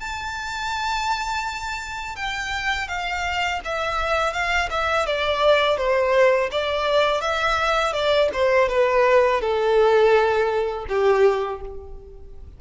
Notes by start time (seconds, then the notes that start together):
0.00 A5
2.16 G5
2.88 F5
3.64 E5
4.33 F5
4.70 E5
5.06 D5
5.77 C5
6.51 D5
7.21 E5
7.93 D5
8.33 C5
8.69 B4
9.41 A4
10.89 G4